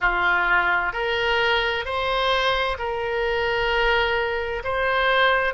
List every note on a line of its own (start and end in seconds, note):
0.00 0.92 F4
0.92 1.85 A#4
1.85 2.77 C5
2.78 4.62 A#4
4.64 5.53 C5